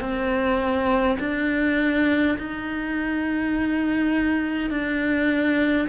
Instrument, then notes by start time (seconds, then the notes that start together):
cello
0.00 C4
1.19 D4
2.38 D#4
4.70 D4